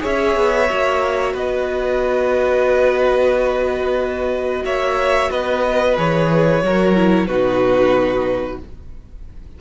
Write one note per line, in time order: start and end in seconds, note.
0.00 0.37 C#4
0.00 0.66 G#4
0.00 1.33 C#5
0.00 1.36 E5
0.37 0.70 B3
0.70 1.34 A#3
0.70 5.97 F#4
1.33 4.64 B3
1.33 4.63 B4
1.33 4.65 D#5
4.64 5.30 A#3
4.64 5.31 C#5
4.64 5.31 E5
5.31 5.97 B3
5.31 6.63 B4
5.31 5.97 D#5
5.97 6.62 E3
5.97 6.62 G#4
5.97 7.27 C#5
6.62 7.27 F#3
6.62 6.96 F#4
6.62 7.27 A#4
6.96 7.29 E4
7.27 8.59 B2
7.27 8.61 D#4
7.27 8.59 F#4
7.27 8.59 B4